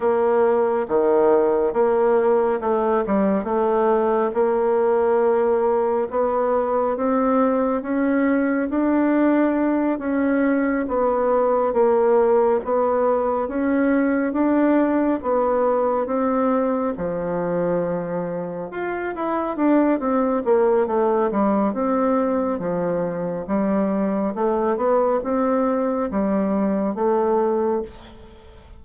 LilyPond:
\new Staff \with { instrumentName = "bassoon" } { \time 4/4 \tempo 4 = 69 ais4 dis4 ais4 a8 g8 | a4 ais2 b4 | c'4 cis'4 d'4. cis'8~ | cis'8 b4 ais4 b4 cis'8~ |
cis'8 d'4 b4 c'4 f8~ | f4. f'8 e'8 d'8 c'8 ais8 | a8 g8 c'4 f4 g4 | a8 b8 c'4 g4 a4 | }